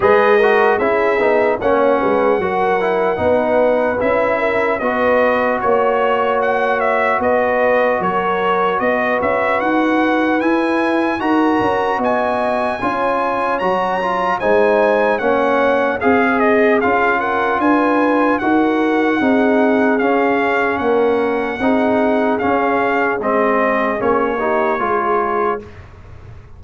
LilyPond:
<<
  \new Staff \with { instrumentName = "trumpet" } { \time 4/4 \tempo 4 = 75 dis''4 e''4 fis''2~ | fis''4 e''4 dis''4 cis''4 | fis''8 e''8 dis''4 cis''4 dis''8 e''8 | fis''4 gis''4 ais''4 gis''4~ |
gis''4 ais''4 gis''4 fis''4 | f''8 dis''8 f''8 fis''8 gis''4 fis''4~ | fis''4 f''4 fis''2 | f''4 dis''4 cis''2 | }
  \new Staff \with { instrumentName = "horn" } { \time 4/4 b'8 ais'8 gis'4 cis''8 b'8 ais'4 | b'4. ais'8 b'4 cis''4~ | cis''4 b'4 ais'4 b'4~ | b'2 ais'4 dis''4 |
cis''2 c''4 cis''4 | gis'4. ais'8 b'4 ais'4 | gis'2 ais'4 gis'4~ | gis'2~ gis'8 g'8 gis'4 | }
  \new Staff \with { instrumentName = "trombone" } { \time 4/4 gis'8 fis'8 e'8 dis'8 cis'4 fis'8 e'8 | dis'4 e'4 fis'2~ | fis'1~ | fis'4 e'4 fis'2 |
f'4 fis'8 f'8 dis'4 cis'4 | gis'4 f'2 fis'4 | dis'4 cis'2 dis'4 | cis'4 c'4 cis'8 dis'8 f'4 | }
  \new Staff \with { instrumentName = "tuba" } { \time 4/4 gis4 cis'8 b8 ais8 gis8 fis4 | b4 cis'4 b4 ais4~ | ais4 b4 fis4 b8 cis'8 | dis'4 e'4 dis'8 cis'8 b4 |
cis'4 fis4 gis4 ais4 | c'4 cis'4 d'4 dis'4 | c'4 cis'4 ais4 c'4 | cis'4 gis4 ais4 gis4 | }
>>